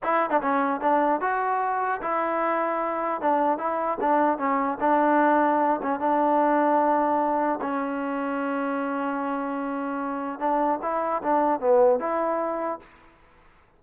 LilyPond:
\new Staff \with { instrumentName = "trombone" } { \time 4/4 \tempo 4 = 150 e'8. d'16 cis'4 d'4 fis'4~ | fis'4 e'2. | d'4 e'4 d'4 cis'4 | d'2~ d'8 cis'8 d'4~ |
d'2. cis'4~ | cis'1~ | cis'2 d'4 e'4 | d'4 b4 e'2 | }